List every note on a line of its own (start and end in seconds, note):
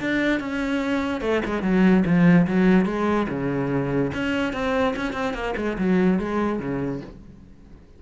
0.00 0.40 D4
0.40 1.21 C#4
1.21 1.41 A3
1.45 1.62 G#3
1.62 2.04 F#3
2.05 2.47 F3
2.47 2.86 F#3
2.86 3.27 G#3
3.29 4.12 C#3
4.14 4.53 C#4
4.53 4.94 C4
4.96 5.13 C#4
5.13 5.34 C4
5.34 5.54 A#3
5.56 5.77 G#3
5.78 6.19 F#3
6.19 6.59 G#3
6.59 7.01 C#3